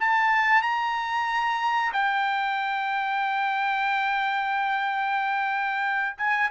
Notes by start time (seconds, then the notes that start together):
0.00 A5
0.62 A#5
1.93 G5
6.18 G#5